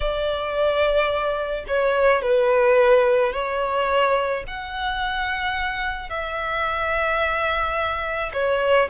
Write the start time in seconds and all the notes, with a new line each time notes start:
0.00 D5
1.67 C#5
2.22 B4
3.32 C#5
4.47 F#5
6.09 E5
8.33 C#5